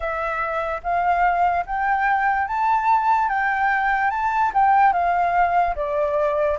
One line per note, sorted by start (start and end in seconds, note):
0.00 0.81 E5
0.83 1.65 F5
1.66 2.47 G5
2.47 3.28 A5
3.28 4.10 G5
4.10 4.51 A5
4.54 4.92 G5
4.92 5.75 F5
5.75 6.58 D5